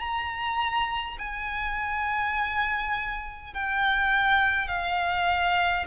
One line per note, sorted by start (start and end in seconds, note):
0.00 1.18 A#5
1.19 3.54 G#5
3.54 4.68 G5
4.68 5.86 F5